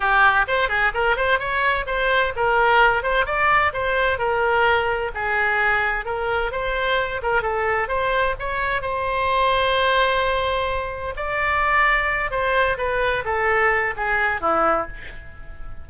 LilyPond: \new Staff \with { instrumentName = "oboe" } { \time 4/4 \tempo 4 = 129 g'4 c''8 gis'8 ais'8 c''8 cis''4 | c''4 ais'4. c''8 d''4 | c''4 ais'2 gis'4~ | gis'4 ais'4 c''4. ais'8 |
a'4 c''4 cis''4 c''4~ | c''1 | d''2~ d''8 c''4 b'8~ | b'8 a'4. gis'4 e'4 | }